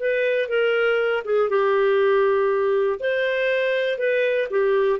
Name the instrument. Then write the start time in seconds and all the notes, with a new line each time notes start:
clarinet
0.00 B4
0.49 A#4
1.25 G#4
1.50 G4
3.00 C5
3.98 B4
4.50 G4